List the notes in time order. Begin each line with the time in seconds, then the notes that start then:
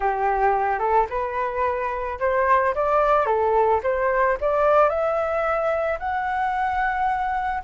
0.00 G4
0.79 A4
1.09 B4
2.19 C5
2.74 D5
3.26 A4
3.83 C5
4.40 D5
4.89 E5
5.99 F#5